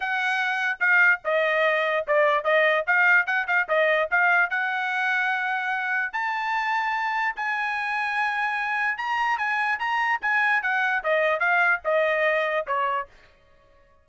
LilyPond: \new Staff \with { instrumentName = "trumpet" } { \time 4/4 \tempo 4 = 147 fis''2 f''4 dis''4~ | dis''4 d''4 dis''4 f''4 | fis''8 f''8 dis''4 f''4 fis''4~ | fis''2. a''4~ |
a''2 gis''2~ | gis''2 ais''4 gis''4 | ais''4 gis''4 fis''4 dis''4 | f''4 dis''2 cis''4 | }